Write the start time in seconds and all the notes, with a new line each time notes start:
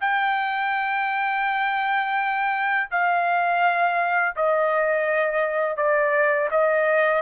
0.00 G5
2.90 F5
4.36 D#5
5.77 D5
6.51 D#5